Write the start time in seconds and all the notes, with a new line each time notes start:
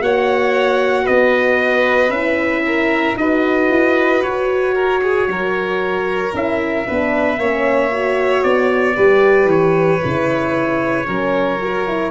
0.00 A#3 F#4 C#5 F#5
1.04 B3 B4 D#5
2.09 C#4 E4 E5
2.66 A#4
3.16 D#4 F#4 B4 D#5
3.70 E4
4.22 F#4 C#5
4.74 A#4
5.02 G#4
5.27 F#3 A#4
6.32 C#4 E4 E5
6.86 B3 D4 B4
7.37 A#3 C#4 C#5
7.91 F#4
8.43 B3 D5
8.95 G3 G4 B4
9.45 E3 C#5
10.02 C#3 E4
11.06 F#3 C#4 A#4
11.61 F#4
11.87 E4